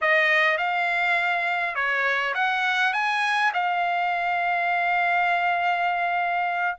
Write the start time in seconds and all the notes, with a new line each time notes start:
0.01 D#5
0.57 F5
1.75 C#5
2.34 F#5
2.93 G#5
3.53 F5